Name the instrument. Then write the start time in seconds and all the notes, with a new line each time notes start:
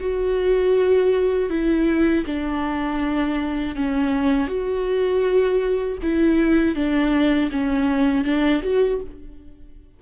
viola
0.00 F#4
1.50 E4
2.26 D4
3.75 C#4
4.48 F#4
6.02 E4
6.75 D4
7.51 C#4
8.24 D4
8.63 F#4